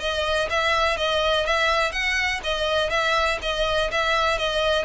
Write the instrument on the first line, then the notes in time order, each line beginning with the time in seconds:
violin
0.00 D#5
0.50 E5
0.97 D#5
1.46 E5
1.92 F#5
2.43 D#5
2.90 E5
3.42 D#5
3.91 E5
4.38 D#5